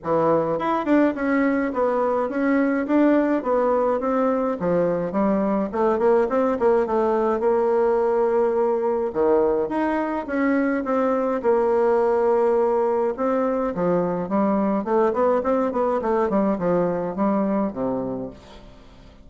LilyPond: \new Staff \with { instrumentName = "bassoon" } { \time 4/4 \tempo 4 = 105 e4 e'8 d'8 cis'4 b4 | cis'4 d'4 b4 c'4 | f4 g4 a8 ais8 c'8 ais8 | a4 ais2. |
dis4 dis'4 cis'4 c'4 | ais2. c'4 | f4 g4 a8 b8 c'8 b8 | a8 g8 f4 g4 c4 | }